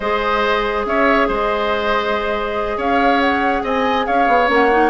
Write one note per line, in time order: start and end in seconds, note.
0.00 0.85 G#3
0.00 4.48 G#4
0.00 0.86 C5
0.00 0.84 D#5
0.85 1.28 C#4
0.85 1.28 C#5
0.85 1.29 E5
1.28 2.77 G#3
1.28 2.77 C5
1.28 2.80 D#5
2.77 3.63 C#4
2.77 3.62 C#5
2.77 3.20 F5
3.20 3.63 F#5
3.63 4.06 C4
3.63 4.06 D#5
3.63 4.06 G#5
4.06 4.27 C#4
4.06 4.89 C#5
4.06 4.49 F5
4.27 4.49 B3
4.48 4.89 A#3
4.48 4.69 C#4
4.48 4.89 F#5
4.71 4.89 D#4